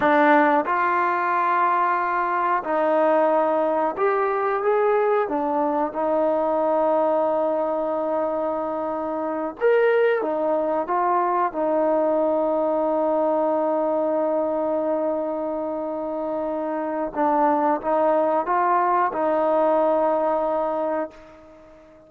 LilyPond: \new Staff \with { instrumentName = "trombone" } { \time 4/4 \tempo 4 = 91 d'4 f'2. | dis'2 g'4 gis'4 | d'4 dis'2.~ | dis'2~ dis'8 ais'4 dis'8~ |
dis'8 f'4 dis'2~ dis'8~ | dis'1~ | dis'2 d'4 dis'4 | f'4 dis'2. | }